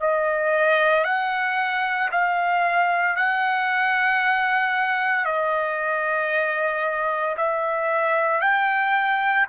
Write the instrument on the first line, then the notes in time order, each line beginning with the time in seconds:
trumpet
0.00 D#5
1.04 F#5
2.11 F5
3.16 F#5
5.25 D#5
7.37 E5
8.41 G5